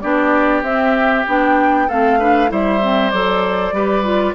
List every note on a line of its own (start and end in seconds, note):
0.00 0.62 B3
0.00 0.64 D4
0.00 1.87 G4
0.00 0.62 D5
0.62 1.24 C4
0.62 1.26 C4
0.62 1.25 E5
1.27 1.89 B3
1.27 1.89 D4
1.27 1.89 G5
1.87 2.51 A3
1.87 2.20 C4
1.87 2.18 A4
1.87 2.51 F5
2.19 2.48 D4
2.19 2.50 B4
2.48 3.13 G3
2.48 2.79 E4
2.48 3.74 C5
2.48 3.10 E5
2.81 3.12 C4
3.10 3.72 F#3
3.10 3.73 A4
3.10 4.34 D5
3.72 4.34 G3
3.72 4.03 G4
3.72 4.34 B4
4.03 4.34 F4